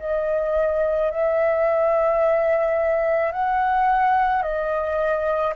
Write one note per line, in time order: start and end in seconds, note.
0.00 1.11 D#5
1.11 3.32 E5
3.32 4.42 F#5
4.42 5.54 D#5